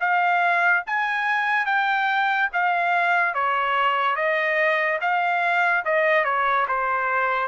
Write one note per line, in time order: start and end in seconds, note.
0.00 0.83 F5
0.86 1.65 G#5
1.65 2.48 G5
2.52 3.34 F5
3.34 4.15 C#5
4.15 4.98 D#5
5.00 5.84 F5
5.85 6.24 D#5
6.24 6.66 C#5
6.67 7.47 C5